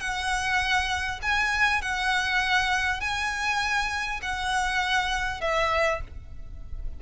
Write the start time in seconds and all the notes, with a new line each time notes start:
0.00 F#5
1.22 G#5
1.82 F#5
3.00 G#5
4.22 F#5
5.41 E5